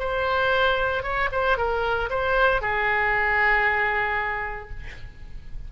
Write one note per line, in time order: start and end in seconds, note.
0.00 1.04 C5
1.04 1.30 C#5
1.32 1.58 C5
1.58 2.10 A#4
2.10 2.62 C5
2.62 4.71 G#4